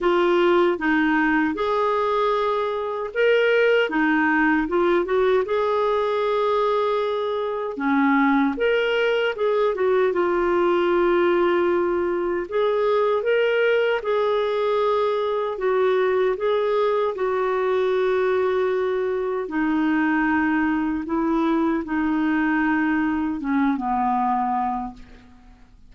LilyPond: \new Staff \with { instrumentName = "clarinet" } { \time 4/4 \tempo 4 = 77 f'4 dis'4 gis'2 | ais'4 dis'4 f'8 fis'8 gis'4~ | gis'2 cis'4 ais'4 | gis'8 fis'8 f'2. |
gis'4 ais'4 gis'2 | fis'4 gis'4 fis'2~ | fis'4 dis'2 e'4 | dis'2 cis'8 b4. | }